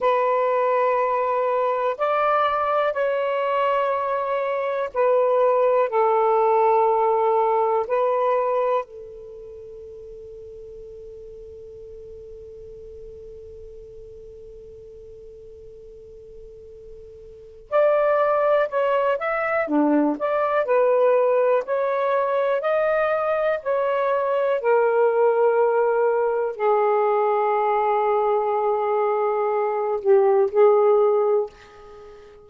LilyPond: \new Staff \with { instrumentName = "saxophone" } { \time 4/4 \tempo 4 = 61 b'2 d''4 cis''4~ | cis''4 b'4 a'2 | b'4 a'2.~ | a'1~ |
a'2 d''4 cis''8 e''8 | d'8 d''8 b'4 cis''4 dis''4 | cis''4 ais'2 gis'4~ | gis'2~ gis'8 g'8 gis'4 | }